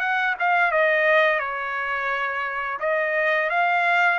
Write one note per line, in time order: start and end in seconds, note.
0.00 0.35 F#5
0.40 0.72 F5
0.72 1.40 D#5
1.40 2.79 C#5
2.80 3.50 D#5
3.50 4.20 F5